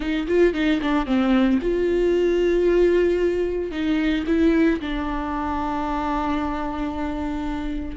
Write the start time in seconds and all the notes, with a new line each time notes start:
0.00 D#4
0.27 F4
0.53 D#4
0.81 D4
1.06 C4
1.61 F4
3.71 D#4
4.26 E4
4.80 D4